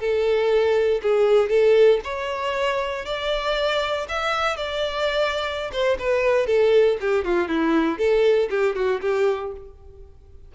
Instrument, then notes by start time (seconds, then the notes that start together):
violin
0.00 A4
1.02 G#4
1.49 A4
2.04 C#5
3.06 D5
4.09 E5
4.57 D5
5.72 C5
5.99 B4
6.47 A4
7.01 G4
7.25 F4
7.49 E4
7.99 A4
8.50 G4
8.75 F#4
9.01 G4